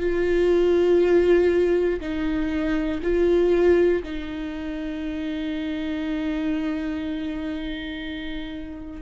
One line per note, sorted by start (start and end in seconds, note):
0.00 2.00 F4
2.00 3.00 D#4
3.03 4.03 F4
4.03 9.02 D#4